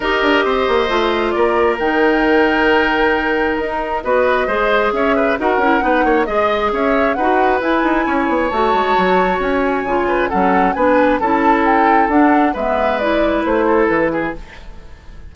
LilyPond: <<
  \new Staff \with { instrumentName = "flute" } { \time 4/4 \tempo 4 = 134 dis''2. d''4 | g''1 | ais'4 dis''2 e''4 | fis''2 dis''4 e''4 |
fis''4 gis''2 a''4~ | a''4 gis''2 fis''4 | gis''4 a''4 g''4 fis''4 | e''4 d''4 c''4 b'4 | }
  \new Staff \with { instrumentName = "oboe" } { \time 4/4 ais'4 c''2 ais'4~ | ais'1~ | ais'4 b'4 c''4 cis''8 b'8 | ais'4 b'8 cis''8 dis''4 cis''4 |
b'2 cis''2~ | cis''2~ cis''8 b'8 a'4 | b'4 a'2. | b'2~ b'8 a'4 gis'8 | }
  \new Staff \with { instrumentName = "clarinet" } { \time 4/4 g'2 f'2 | dis'1~ | dis'4 fis'4 gis'2 | fis'8 e'8 dis'4 gis'2 |
fis'4 e'2 fis'4~ | fis'2 f'4 cis'4 | d'4 e'2 d'4 | b4 e'2. | }
  \new Staff \with { instrumentName = "bassoon" } { \time 4/4 dis'8 d'8 c'8 ais8 a4 ais4 | dis1 | dis'4 b4 gis4 cis'4 | dis'8 cis'8 b8 ais8 gis4 cis'4 |
dis'4 e'8 dis'8 cis'8 b8 a8 gis8 | fis4 cis'4 cis4 fis4 | b4 cis'2 d'4 | gis2 a4 e4 | }
>>